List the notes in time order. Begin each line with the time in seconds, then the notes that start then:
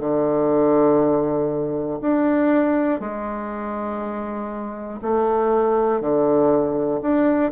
0.00 D3
2.02 D4
3.00 G#3
5.03 A3
6.01 D3
7.02 D4